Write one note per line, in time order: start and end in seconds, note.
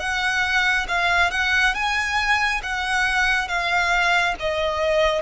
0.00 0.87 F#5
0.89 1.31 F5
1.31 1.75 F#5
1.75 2.62 G#5
2.63 3.48 F#5
3.48 4.35 F5
4.40 5.22 D#5